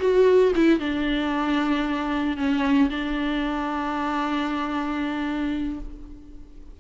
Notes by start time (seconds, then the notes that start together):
0.00 F#4
0.56 E4
0.80 D4
2.37 C#4
2.90 D4